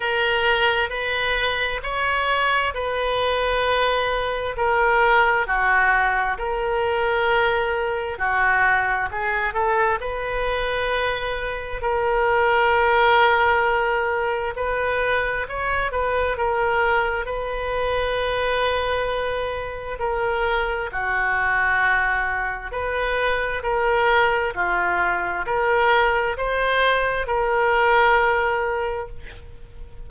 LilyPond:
\new Staff \with { instrumentName = "oboe" } { \time 4/4 \tempo 4 = 66 ais'4 b'4 cis''4 b'4~ | b'4 ais'4 fis'4 ais'4~ | ais'4 fis'4 gis'8 a'8 b'4~ | b'4 ais'2. |
b'4 cis''8 b'8 ais'4 b'4~ | b'2 ais'4 fis'4~ | fis'4 b'4 ais'4 f'4 | ais'4 c''4 ais'2 | }